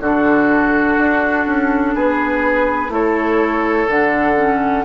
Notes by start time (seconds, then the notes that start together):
0.00 D3 D4 F#4 A4
0.98 D4
1.46 C#4
1.94 B3 G#4 B4
2.89 A3 E4 A4 C#5
3.88 D3 D4 F#5
4.36 C#4